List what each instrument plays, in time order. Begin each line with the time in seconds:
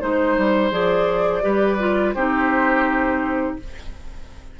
0.00 bassoon G#3, clarinet D#4, flute C5, oboe C5
0.37 bassoon G3
0.71 bassoon F3, clarinet G#4, flute D5
1.41 bassoon G3, clarinet G4, oboe B4
1.79 clarinet F4
2.13 bassoon C4, clarinet D#4, oboe G4, flute C5